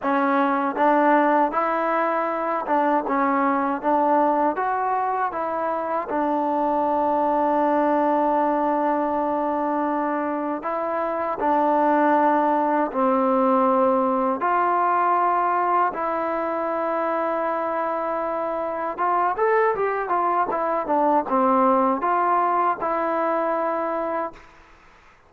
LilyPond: \new Staff \with { instrumentName = "trombone" } { \time 4/4 \tempo 4 = 79 cis'4 d'4 e'4. d'8 | cis'4 d'4 fis'4 e'4 | d'1~ | d'2 e'4 d'4~ |
d'4 c'2 f'4~ | f'4 e'2.~ | e'4 f'8 a'8 g'8 f'8 e'8 d'8 | c'4 f'4 e'2 | }